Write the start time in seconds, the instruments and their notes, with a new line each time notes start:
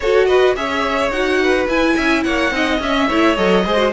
0.00 cello F#4, viola F#4, violin A4 C#5
0.26 violin B4 D#5
0.55 cello C#4, viola G#4, violin C#5 E5
1.10 cello D#4, viola F#4, violin F#5
1.43 violin B4
1.67 cello E4, viola E4, violin G#5
1.95 cello C#4, violin E5
2.23 cello A#3, violin C#5 F#5
2.50 cello C4, viola D#4, violin D#5
2.79 cello C#4, viola C#4, violin E5
3.07 cello A3, viola E4, violin C#5
3.36 cello F#3, viola A4, violin D#5
3.65 cello G#3, viola G#4, violin C5
3.77 viola F#4